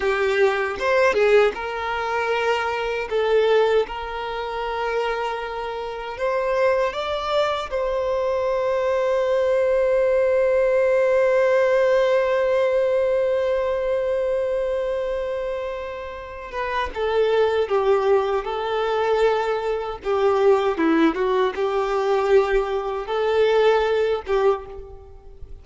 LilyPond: \new Staff \with { instrumentName = "violin" } { \time 4/4 \tempo 4 = 78 g'4 c''8 gis'8 ais'2 | a'4 ais'2. | c''4 d''4 c''2~ | c''1~ |
c''1~ | c''4. b'8 a'4 g'4 | a'2 g'4 e'8 fis'8 | g'2 a'4. g'8 | }